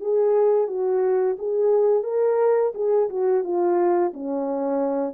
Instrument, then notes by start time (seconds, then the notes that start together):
horn
0.00 G#4
0.67 F#4
1.38 G#4
2.03 A#4
2.74 G#4
3.09 F#4
3.43 F4
4.13 C#4